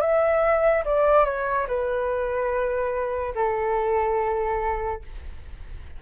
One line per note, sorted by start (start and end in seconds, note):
0.00 0.83 E5
0.84 1.25 D5
1.25 1.66 C#5
1.67 3.33 B4
3.34 5.01 A4